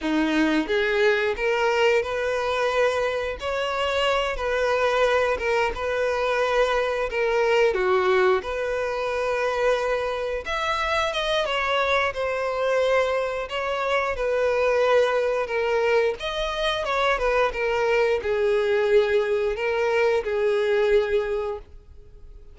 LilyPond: \new Staff \with { instrumentName = "violin" } { \time 4/4 \tempo 4 = 89 dis'4 gis'4 ais'4 b'4~ | b'4 cis''4. b'4. | ais'8 b'2 ais'4 fis'8~ | fis'8 b'2. e''8~ |
e''8 dis''8 cis''4 c''2 | cis''4 b'2 ais'4 | dis''4 cis''8 b'8 ais'4 gis'4~ | gis'4 ais'4 gis'2 | }